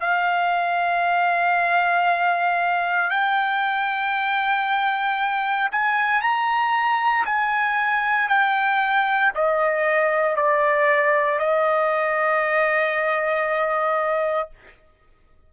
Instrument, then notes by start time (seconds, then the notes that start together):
trumpet
0.00 F5
3.10 G5
5.72 G#5
6.22 A#5
7.26 G#5
8.29 G5
9.35 D#5
10.36 D5
11.39 D#5